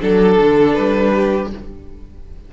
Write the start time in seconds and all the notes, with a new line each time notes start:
0.00 F#3 D4 A4
0.40 D3
0.74 G3 B4
1.13 G4